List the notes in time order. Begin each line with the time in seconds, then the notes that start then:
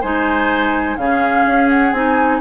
0.00 G#3 D#4 C5 G#5
0.96 C#3 C#4 G#4 F5
1.45 C#4
1.69 F#5
1.92 C4 D#4 G#5